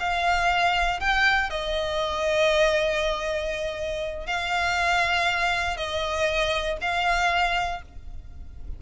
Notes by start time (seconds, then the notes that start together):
0.00 F5
1.00 G5
1.50 D#5
4.27 F5
5.77 D#5
6.81 F5